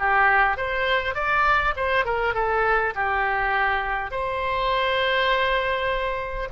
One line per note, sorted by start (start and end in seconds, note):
0.00 0.58 G4
0.58 1.15 C5
1.15 1.74 D5
1.77 2.05 C5
2.05 2.35 A#4
2.35 2.94 A4
2.95 4.11 G4
4.11 6.49 C5